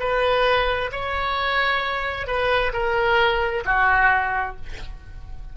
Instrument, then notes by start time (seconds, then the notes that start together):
oboe
0.00 B4
0.92 C#5
2.27 B4
2.73 A#4
3.65 F#4